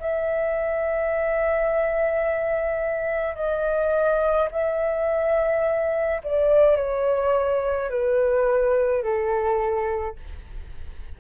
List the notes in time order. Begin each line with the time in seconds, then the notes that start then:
0.00 E5
3.36 D#5
4.51 E5
6.24 D5
6.77 C#5
7.90 B4
9.03 A4